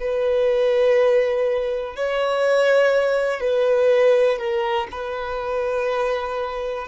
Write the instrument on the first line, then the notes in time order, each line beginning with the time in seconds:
violin
0.00 B4
1.96 C#5
3.40 B4
4.39 A#4
4.91 B4